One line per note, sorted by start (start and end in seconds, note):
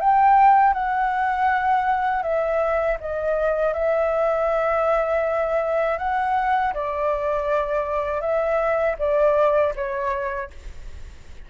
0.00 0.73 G5
0.73 2.23 F#5
2.23 2.97 E5
3.00 3.73 D#5
3.73 5.98 E5
5.98 6.73 F#5
6.74 8.21 D5
8.21 8.96 E5
8.99 9.74 D5
9.75 10.50 C#5